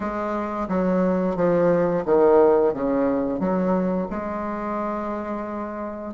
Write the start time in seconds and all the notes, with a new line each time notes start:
0.00 G#3
0.68 F#3
1.35 F3
2.05 D#3
2.73 C#3
3.39 F#3
4.09 G#3